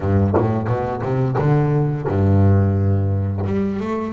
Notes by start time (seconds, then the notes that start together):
0.00 G2
0.37 A2
0.67 B2
1.02 C3
1.38 D3
2.07 G2
3.45 G3
3.79 A3